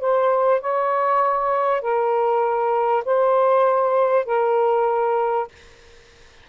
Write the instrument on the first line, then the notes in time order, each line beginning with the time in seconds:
saxophone
0.00 C5
0.61 C#5
1.81 A#4
3.05 C5
4.25 A#4